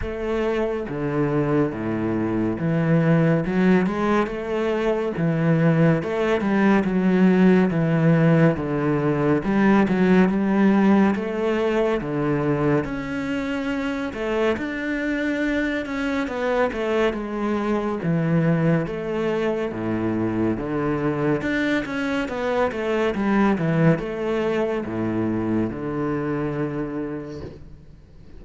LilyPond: \new Staff \with { instrumentName = "cello" } { \time 4/4 \tempo 4 = 70 a4 d4 a,4 e4 | fis8 gis8 a4 e4 a8 g8 | fis4 e4 d4 g8 fis8 | g4 a4 d4 cis'4~ |
cis'8 a8 d'4. cis'8 b8 a8 | gis4 e4 a4 a,4 | d4 d'8 cis'8 b8 a8 g8 e8 | a4 a,4 d2 | }